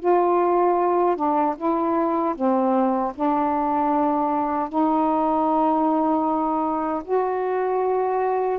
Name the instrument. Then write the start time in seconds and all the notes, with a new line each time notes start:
saxophone
0.00 F4
1.17 D4
1.57 E4
2.36 C4
3.16 D4
4.70 D#4
7.05 F#4